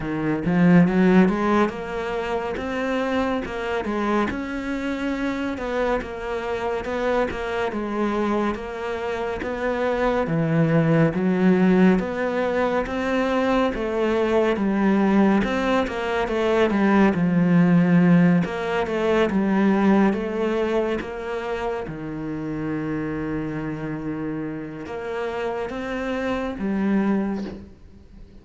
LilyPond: \new Staff \with { instrumentName = "cello" } { \time 4/4 \tempo 4 = 70 dis8 f8 fis8 gis8 ais4 c'4 | ais8 gis8 cis'4. b8 ais4 | b8 ais8 gis4 ais4 b4 | e4 fis4 b4 c'4 |
a4 g4 c'8 ais8 a8 g8 | f4. ais8 a8 g4 a8~ | a8 ais4 dis2~ dis8~ | dis4 ais4 c'4 g4 | }